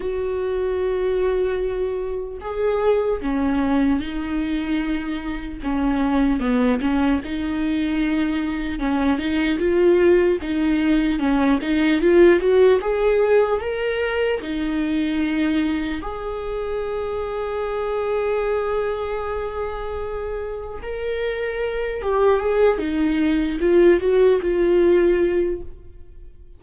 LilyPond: \new Staff \with { instrumentName = "viola" } { \time 4/4 \tempo 4 = 75 fis'2. gis'4 | cis'4 dis'2 cis'4 | b8 cis'8 dis'2 cis'8 dis'8 | f'4 dis'4 cis'8 dis'8 f'8 fis'8 |
gis'4 ais'4 dis'2 | gis'1~ | gis'2 ais'4. g'8 | gis'8 dis'4 f'8 fis'8 f'4. | }